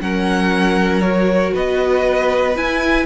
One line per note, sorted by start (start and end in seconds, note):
0.00 1.53 F#3
0.00 1.02 C#4
0.00 1.53 A#4
0.00 1.01 F#5
1.01 2.54 F#4
1.01 1.52 C#5
1.53 2.57 B3
1.53 3.05 B4
1.53 2.56 D#5
2.55 3.05 E4
2.55 3.05 G#5